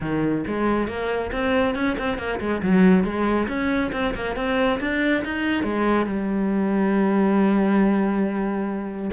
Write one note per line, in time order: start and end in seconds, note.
0.00 0.44 D#3
0.47 0.87 G#3
0.87 1.31 A#3
1.32 1.75 C4
1.75 1.97 C#4
1.98 2.17 C4
2.17 2.39 A#3
2.39 2.61 G#3
2.62 3.04 F#3
3.04 3.47 G#3
3.47 3.91 C#4
3.92 4.14 C4
4.14 4.36 A#3
4.36 4.79 C4
4.80 5.23 D4
5.24 5.63 D#4
5.63 6.06 G#3
6.06 9.10 G3